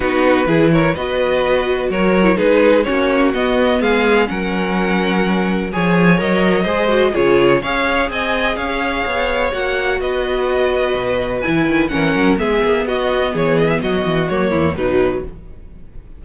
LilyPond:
<<
  \new Staff \with { instrumentName = "violin" } { \time 4/4 \tempo 4 = 126 b'4. cis''8 dis''2 | cis''4 b'4 cis''4 dis''4 | f''4 fis''2. | gis''4 dis''2 cis''4 |
f''4 gis''4 f''2 | fis''4 dis''2. | gis''4 fis''4 e''4 dis''4 | cis''8 dis''16 e''16 dis''4 cis''4 b'4 | }
  \new Staff \with { instrumentName = "violin" } { \time 4/4 fis'4 gis'8 ais'8 b'2 | ais'4 gis'4 fis'2 | gis'4 ais'2. | cis''2 c''4 gis'4 |
cis''4 dis''4 cis''2~ | cis''4 b'2.~ | b'4 ais'4 gis'4 fis'4 | gis'4 fis'4. e'8 dis'4 | }
  \new Staff \with { instrumentName = "viola" } { \time 4/4 dis'4 e'4 fis'2~ | fis'8. e'16 dis'4 cis'4 b4~ | b4 cis'2. | gis'4 ais'4 gis'8 fis'8 f'4 |
gis'1 | fis'1 | e'4 cis'4 b2~ | b2 ais4 fis4 | }
  \new Staff \with { instrumentName = "cello" } { \time 4/4 b4 e4 b2 | fis4 gis4 ais4 b4 | gis4 fis2. | f4 fis4 gis4 cis4 |
cis'4 c'4 cis'4 b4 | ais4 b2 b,4 | e8 dis8 e8 fis8 gis8 ais8 b4 | e4 fis8 e8 fis8 e,8 b,4 | }
>>